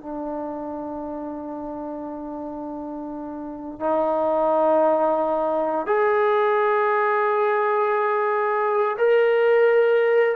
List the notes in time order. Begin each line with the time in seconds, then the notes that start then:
0.00 D4
3.79 D#4
5.86 G#4
8.98 A#4